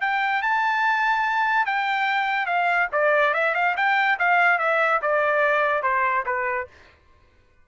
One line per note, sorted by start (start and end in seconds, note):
0.00 0.42 G5
0.42 1.65 A5
1.65 2.46 G5
2.46 2.87 F5
2.92 3.33 D5
3.33 3.54 E5
3.54 3.75 F5
3.76 4.18 G5
4.19 4.58 F5
4.58 5.00 E5
5.01 5.82 D5
5.82 6.24 C5
6.26 6.67 B4